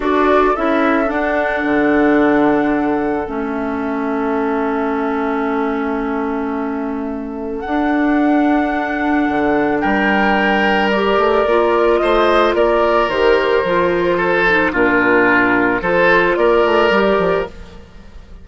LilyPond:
<<
  \new Staff \with { instrumentName = "flute" } { \time 4/4 \tempo 4 = 110 d''4 e''4 fis''2~ | fis''2 e''2~ | e''1~ | e''2 fis''2~ |
fis''2 g''2 | d''2 dis''4 d''4 | c''2. ais'4~ | ais'4 c''4 d''2 | }
  \new Staff \with { instrumentName = "oboe" } { \time 4/4 a'1~ | a'1~ | a'1~ | a'1~ |
a'2 ais'2~ | ais'2 c''4 ais'4~ | ais'2 a'4 f'4~ | f'4 a'4 ais'2 | }
  \new Staff \with { instrumentName = "clarinet" } { \time 4/4 fis'4 e'4 d'2~ | d'2 cis'2~ | cis'1~ | cis'2 d'2~ |
d'1 | g'4 f'2. | g'4 f'4. dis'8 d'4~ | d'4 f'2 g'4 | }
  \new Staff \with { instrumentName = "bassoon" } { \time 4/4 d'4 cis'4 d'4 d4~ | d2 a2~ | a1~ | a2 d'2~ |
d'4 d4 g2~ | g8 a8 ais4 a4 ais4 | dis4 f2 ais,4~ | ais,4 f4 ais8 a8 g8 f8 | }
>>